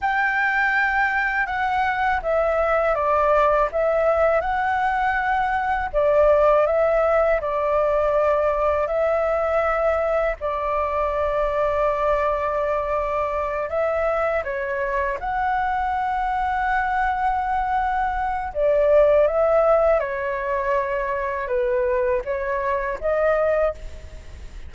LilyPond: \new Staff \with { instrumentName = "flute" } { \time 4/4 \tempo 4 = 81 g''2 fis''4 e''4 | d''4 e''4 fis''2 | d''4 e''4 d''2 | e''2 d''2~ |
d''2~ d''8 e''4 cis''8~ | cis''8 fis''2.~ fis''8~ | fis''4 d''4 e''4 cis''4~ | cis''4 b'4 cis''4 dis''4 | }